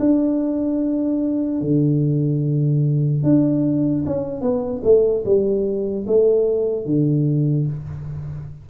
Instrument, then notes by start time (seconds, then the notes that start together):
tuba
0.00 D4
1.61 D3
3.23 D4
4.07 C#4
4.41 B3
4.84 A3
5.25 G3
6.07 A3
6.86 D3